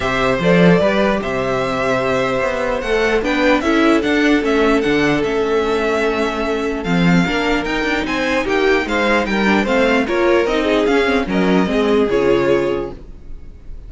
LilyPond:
<<
  \new Staff \with { instrumentName = "violin" } { \time 4/4 \tempo 4 = 149 e''4 d''2 e''4~ | e''2. fis''4 | g''4 e''4 fis''4 e''4 | fis''4 e''2.~ |
e''4 f''2 g''4 | gis''4 g''4 f''4 g''4 | f''4 cis''4 dis''4 f''4 | dis''2 cis''2 | }
  \new Staff \with { instrumentName = "violin" } { \time 4/4 c''2 b'4 c''4~ | c''1 | b'4 a'2.~ | a'1~ |
a'2 ais'2 | c''4 g'4 c''4 ais'4 | c''4 ais'4. gis'4. | ais'4 gis'2. | }
  \new Staff \with { instrumentName = "viola" } { \time 4/4 g'4 a'4 g'2~ | g'2. a'4 | d'4 e'4 d'4 cis'4 | d'4 cis'2.~ |
cis'4 c'4 d'4 dis'4~ | dis'2.~ dis'8 d'8 | c'4 f'4 dis'4 cis'8 c'8 | cis'4 c'4 f'2 | }
  \new Staff \with { instrumentName = "cello" } { \time 4/4 c4 f4 g4 c4~ | c2 b4 a4 | b4 cis'4 d'4 a4 | d4 a2.~ |
a4 f4 ais4 dis'8 d'8 | c'4 ais4 gis4 g4 | a4 ais4 c'4 cis'4 | fis4 gis4 cis2 | }
>>